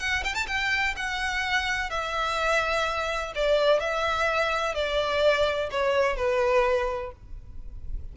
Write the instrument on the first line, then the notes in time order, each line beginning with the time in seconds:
violin
0.00 F#5
0.24 G5
0.35 A5
0.48 G5
0.97 F#5
1.90 E5
3.35 D5
3.81 E5
4.75 D5
5.71 C#5
6.17 B4